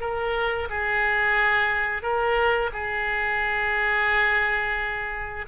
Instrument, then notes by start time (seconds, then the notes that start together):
oboe
0.00 A#4
0.69 G#4
2.02 A#4
2.73 G#4